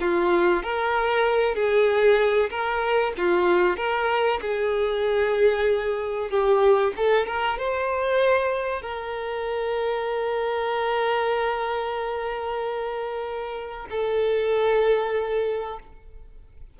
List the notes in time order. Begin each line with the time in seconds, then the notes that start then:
0.00 F4
0.63 A#4
1.55 G#4
2.50 A#4
3.18 F4
3.77 A#4
4.42 G#4
6.30 G4
6.97 A4
7.26 A#4
7.58 C5
8.82 A#4
13.90 A4